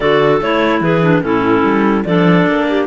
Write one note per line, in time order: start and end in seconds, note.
0.00 0.41 D3
0.00 0.42 F#4
0.00 0.80 A4
0.00 0.38 D5
0.41 0.80 A3
0.41 1.02 E4
0.41 0.82 C#5
0.80 1.21 E3
0.80 1.23 G#4
0.80 1.23 B4
1.02 1.22 D4
1.22 1.62 A2
1.22 2.04 C#4
1.22 2.05 E4
1.22 2.04 A4
1.62 2.04 G3
2.04 2.46 F3
2.04 2.87 D4
2.04 2.67 A4
2.04 2.87 D5
2.46 2.87 A#3
2.68 2.87 G4